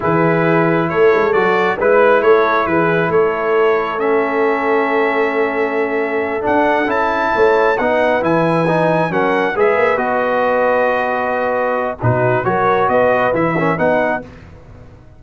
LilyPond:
<<
  \new Staff \with { instrumentName = "trumpet" } { \time 4/4 \tempo 4 = 135 b'2 cis''4 d''4 | b'4 cis''4 b'4 cis''4~ | cis''4 e''2.~ | e''2~ e''8 fis''4 a''8~ |
a''4. fis''4 gis''4.~ | gis''8 fis''4 e''4 dis''4.~ | dis''2. b'4 | cis''4 dis''4 e''4 fis''4 | }
  \new Staff \with { instrumentName = "horn" } { \time 4/4 gis'2 a'2 | b'4 a'4 gis'4 a'4~ | a'1~ | a'1~ |
a'8 cis''4 b'2~ b'8~ | b'8 ais'4 b'2~ b'8~ | b'2. fis'4 | ais'4 b'4. ais'8 b'4 | }
  \new Staff \with { instrumentName = "trombone" } { \time 4/4 e'2. fis'4 | e'1~ | e'4 cis'2.~ | cis'2~ cis'8 d'4 e'8~ |
e'4. dis'4 e'4 dis'8~ | dis'8 cis'4 gis'4 fis'4.~ | fis'2. dis'4 | fis'2 e'8 cis'8 dis'4 | }
  \new Staff \with { instrumentName = "tuba" } { \time 4/4 e2 a8 gis8 fis4 | gis4 a4 e4 a4~ | a1~ | a2~ a8 d'4 cis'8~ |
cis'8 a4 b4 e4.~ | e8 fis4 gis8 ais8 b4.~ | b2. b,4 | fis4 b4 e4 b4 | }
>>